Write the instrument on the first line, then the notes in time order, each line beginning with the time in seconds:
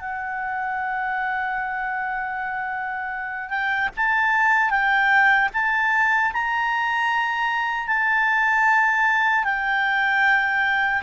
clarinet
0.00 F#5
3.50 G5
3.97 A5
4.70 G5
5.53 A5
6.33 A#5
7.87 A5
9.44 G5